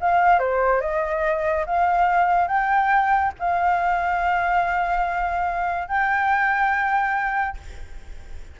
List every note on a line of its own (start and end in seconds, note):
0.00 0.39 F5
0.39 0.80 C5
0.80 1.65 D#5
1.66 2.48 F5
2.48 3.32 G5
3.39 5.88 F5
5.88 7.57 G5